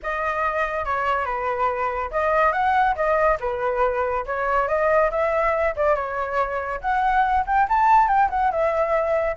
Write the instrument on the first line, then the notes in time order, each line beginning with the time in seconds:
flute
0.03 D#5
0.85 C#5
1.25 B4
2.11 D#5
2.52 F#5
2.95 D#5
3.40 B4
4.26 C#5
4.68 D#5
5.10 E5
5.76 D5
5.95 C#5
6.81 F#5
7.46 G5
7.68 A5
8.07 G5
8.29 F#5
8.51 E5